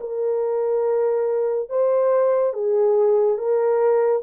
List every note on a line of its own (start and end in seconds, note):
0.00 1.69 A#4
1.69 2.54 C5
2.54 3.38 G#4
3.38 4.23 A#4